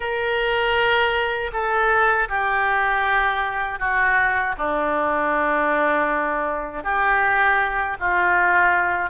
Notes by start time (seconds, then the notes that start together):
0.00 A#4
1.52 A4
2.28 G4
3.79 F#4
4.57 D4
6.83 G4
7.99 F4